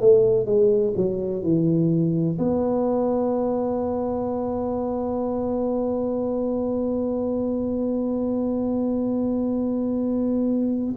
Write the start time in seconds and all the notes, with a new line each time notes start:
0.00 A3
0.45 G#3
0.96 F#3
1.42 E3
2.38 B3